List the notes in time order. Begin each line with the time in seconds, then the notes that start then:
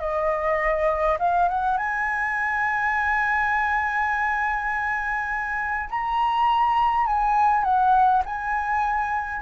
0.00 D#5
1.19 F5
1.49 F#5
1.78 G#5
5.90 A#5
7.06 G#5
7.64 F#5
8.25 G#5